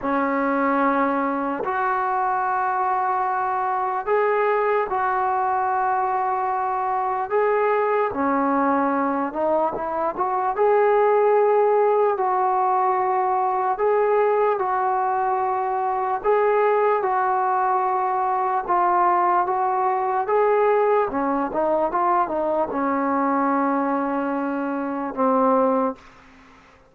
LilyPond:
\new Staff \with { instrumentName = "trombone" } { \time 4/4 \tempo 4 = 74 cis'2 fis'2~ | fis'4 gis'4 fis'2~ | fis'4 gis'4 cis'4. dis'8 | e'8 fis'8 gis'2 fis'4~ |
fis'4 gis'4 fis'2 | gis'4 fis'2 f'4 | fis'4 gis'4 cis'8 dis'8 f'8 dis'8 | cis'2. c'4 | }